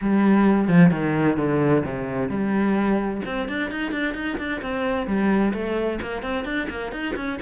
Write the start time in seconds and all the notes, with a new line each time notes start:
0.01 G3
0.67 F3
0.90 D#3
1.37 D3
1.85 C3
2.29 G3
3.25 C4
3.48 D4
3.70 D#4
3.91 D4
4.14 D#4
4.38 D4
4.61 C4
5.06 G3
5.53 A3
6.01 A#3
6.22 C4
6.44 D4
6.69 A#3
6.91 D#4
7.16 C#4